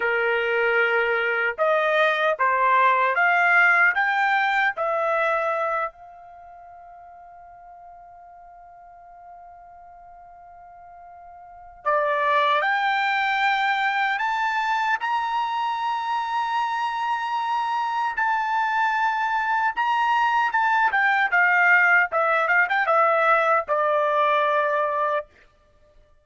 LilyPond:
\new Staff \with { instrumentName = "trumpet" } { \time 4/4 \tempo 4 = 76 ais'2 dis''4 c''4 | f''4 g''4 e''4. f''8~ | f''1~ | f''2. d''4 |
g''2 a''4 ais''4~ | ais''2. a''4~ | a''4 ais''4 a''8 g''8 f''4 | e''8 f''16 g''16 e''4 d''2 | }